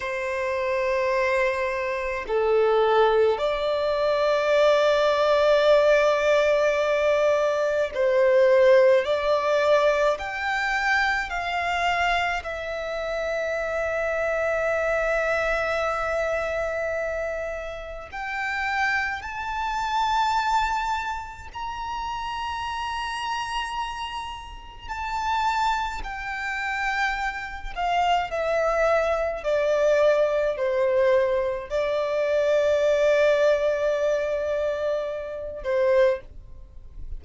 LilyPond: \new Staff \with { instrumentName = "violin" } { \time 4/4 \tempo 4 = 53 c''2 a'4 d''4~ | d''2. c''4 | d''4 g''4 f''4 e''4~ | e''1 |
g''4 a''2 ais''4~ | ais''2 a''4 g''4~ | g''8 f''8 e''4 d''4 c''4 | d''2.~ d''8 c''8 | }